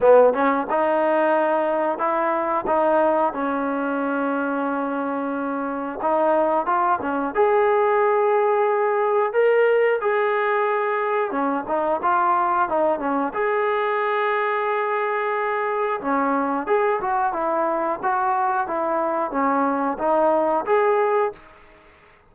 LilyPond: \new Staff \with { instrumentName = "trombone" } { \time 4/4 \tempo 4 = 90 b8 cis'8 dis'2 e'4 | dis'4 cis'2.~ | cis'4 dis'4 f'8 cis'8 gis'4~ | gis'2 ais'4 gis'4~ |
gis'4 cis'8 dis'8 f'4 dis'8 cis'8 | gis'1 | cis'4 gis'8 fis'8 e'4 fis'4 | e'4 cis'4 dis'4 gis'4 | }